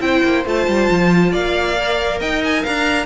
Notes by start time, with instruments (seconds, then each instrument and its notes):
0.00 cello C4, viola E4, violin C5 G5
0.23 cello A#3
0.45 cello A3, viola F4, violin A5
0.67 cello G3
0.90 cello F3
1.31 cello A#3, violin D5 F5
1.77 viola A#4
2.19 cello D#4, violin D#5 G5
2.44 violin G#5
2.62 cello D4, violin F5 A#5